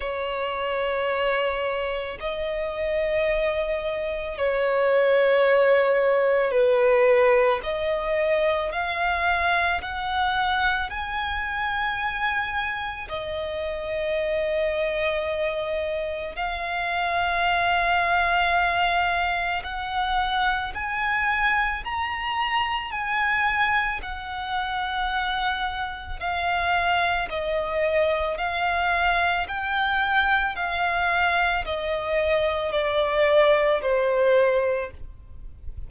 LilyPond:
\new Staff \with { instrumentName = "violin" } { \time 4/4 \tempo 4 = 55 cis''2 dis''2 | cis''2 b'4 dis''4 | f''4 fis''4 gis''2 | dis''2. f''4~ |
f''2 fis''4 gis''4 | ais''4 gis''4 fis''2 | f''4 dis''4 f''4 g''4 | f''4 dis''4 d''4 c''4 | }